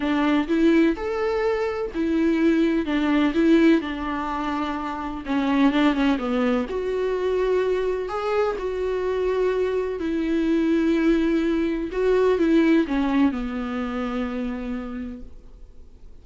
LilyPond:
\new Staff \with { instrumentName = "viola" } { \time 4/4 \tempo 4 = 126 d'4 e'4 a'2 | e'2 d'4 e'4 | d'2. cis'4 | d'8 cis'8 b4 fis'2~ |
fis'4 gis'4 fis'2~ | fis'4 e'2.~ | e'4 fis'4 e'4 cis'4 | b1 | }